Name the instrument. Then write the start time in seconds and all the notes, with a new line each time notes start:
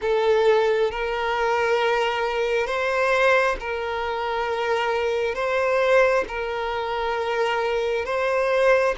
violin
0.01 A4
0.91 A#4
2.66 C5
3.60 A#4
5.34 C5
6.28 A#4
8.05 C5